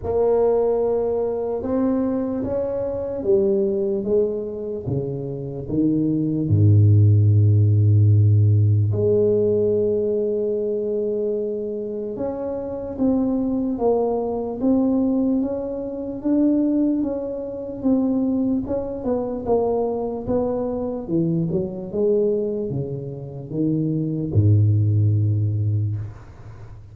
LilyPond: \new Staff \with { instrumentName = "tuba" } { \time 4/4 \tempo 4 = 74 ais2 c'4 cis'4 | g4 gis4 cis4 dis4 | gis,2. gis4~ | gis2. cis'4 |
c'4 ais4 c'4 cis'4 | d'4 cis'4 c'4 cis'8 b8 | ais4 b4 e8 fis8 gis4 | cis4 dis4 gis,2 | }